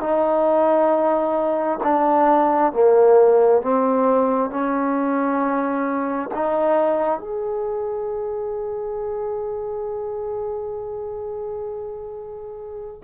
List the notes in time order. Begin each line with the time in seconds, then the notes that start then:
0.00 D#4
1.83 D4
2.72 A#3
3.61 C4
4.50 C#4
6.34 D#4
7.19 G#4